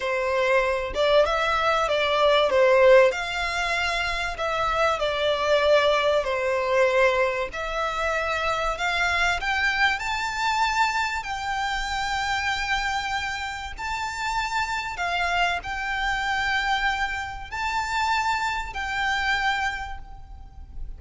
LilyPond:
\new Staff \with { instrumentName = "violin" } { \time 4/4 \tempo 4 = 96 c''4. d''8 e''4 d''4 | c''4 f''2 e''4 | d''2 c''2 | e''2 f''4 g''4 |
a''2 g''2~ | g''2 a''2 | f''4 g''2. | a''2 g''2 | }